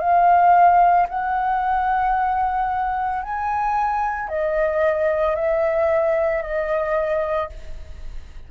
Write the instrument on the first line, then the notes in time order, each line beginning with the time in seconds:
flute
0.00 F5
1.09 F#5
3.23 G#5
4.29 D#5
5.35 E5
6.42 D#5